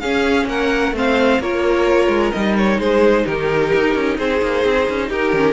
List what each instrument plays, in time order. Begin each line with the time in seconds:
0.00 viola C#4, cello C#4, violin G#4 F5
0.46 cello A#3, violin A#4 F#5
0.92 cello A3, viola C4, violin C5
0.98 violin F5
1.39 cello A#3, viola F4, violin A#4 C#5
2.08 cello G#3
2.32 cello G3, viola D#4, violin D#5
2.58 violin C#5
2.79 cello G#3, violin G#4 C5
3.26 cello D#3, violin G4 A#4
3.74 cello D#4
3.95 cello C#4
4.17 cello C4, violin G#4 C5
4.42 cello A#3
4.65 cello C4
4.90 cello C#4
5.09 cello D#4, violin G4 A#4
5.33 cello D#3, viola C#4